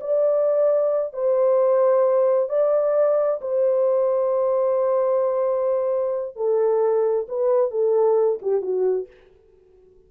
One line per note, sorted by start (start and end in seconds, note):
0.00 1.13 D5
1.13 2.49 C5
2.49 3.40 D5
3.41 6.36 C5
6.36 7.27 A4
7.28 7.71 B4
7.71 8.39 A4
8.42 8.62 G4
8.62 9.07 F#4